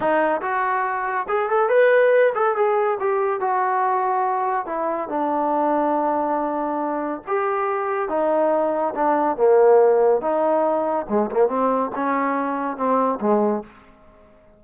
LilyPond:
\new Staff \with { instrumentName = "trombone" } { \time 4/4 \tempo 4 = 141 dis'4 fis'2 gis'8 a'8 | b'4. a'8 gis'4 g'4 | fis'2. e'4 | d'1~ |
d'4 g'2 dis'4~ | dis'4 d'4 ais2 | dis'2 gis8 ais8 c'4 | cis'2 c'4 gis4 | }